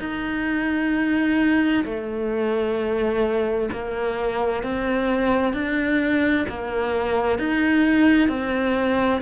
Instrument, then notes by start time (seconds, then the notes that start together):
cello
0.00 D#4
1.85 A3
3.73 A#3
4.64 C4
5.54 D4
6.49 A#3
7.39 D#4
8.29 C4